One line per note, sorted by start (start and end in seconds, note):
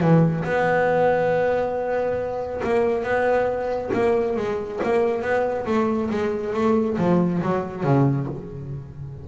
0.00 0.43 E3
0.44 2.61 B3
2.64 3.03 A#3
3.03 3.90 B3
3.93 4.36 A#3
4.36 4.80 G#3
4.83 5.22 A#3
5.22 5.65 B3
5.66 6.09 A3
6.10 6.53 G#3
6.53 6.97 A3
6.98 7.41 F3
7.42 7.83 F#3
7.83 8.27 C#3